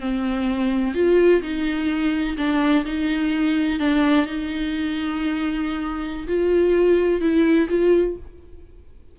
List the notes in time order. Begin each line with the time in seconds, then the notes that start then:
0.00 C4
0.94 F4
1.42 D#4
2.37 D4
2.85 D#4
3.79 D4
4.26 D#4
6.27 F4
7.20 E4
7.69 F4